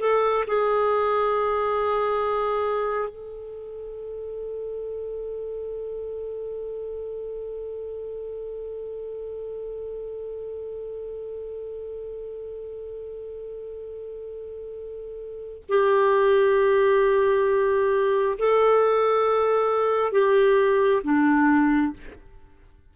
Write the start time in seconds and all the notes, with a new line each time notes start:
0.00 A4
0.48 G#4
3.09 A4
15.69 G4
18.39 A4
20.12 G4
21.04 D4